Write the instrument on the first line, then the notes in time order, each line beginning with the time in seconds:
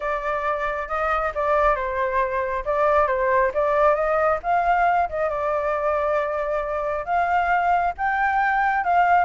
flute
0.00 D5
0.88 D#5
1.34 D5
1.75 C5
2.65 D5
3.07 C5
3.53 D5
3.94 D#5
4.42 F5
5.09 D#5
5.29 D5
7.05 F5
7.97 G5
8.84 F5